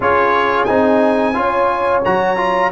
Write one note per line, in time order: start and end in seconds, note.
0.00 0.68 C#4
0.00 0.67 F4
0.00 1.35 G#4
0.00 0.64 C#5
0.64 1.36 C4
0.64 1.34 D#4
0.64 2.00 G#5
1.34 2.04 C#4
1.34 2.02 F4
1.34 2.71 C#5
2.04 2.71 F#3
2.04 2.36 F#4
2.04 2.71 A#5
2.36 2.70 F4